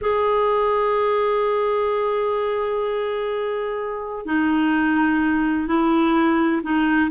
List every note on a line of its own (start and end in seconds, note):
0.01 4.25 G#4
4.25 5.67 D#4
5.67 6.61 E4
6.63 7.10 D#4